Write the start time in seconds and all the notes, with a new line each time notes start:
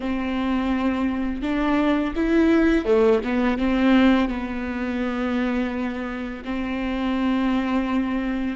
0.00 C4
1.42 D4
2.15 E4
2.85 A3
3.23 B3
3.57 C4
4.29 B3
6.44 C4